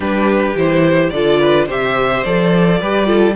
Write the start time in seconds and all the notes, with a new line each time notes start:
0.00 G3 D4 G4 B4
0.54 E3 E4 C5
1.10 D3 F4 A4 D5
1.40 B4
1.66 C3 G4 C5 E5
2.23 F3 A4 D5
2.79 G3 G4 B4
3.05 F4 A4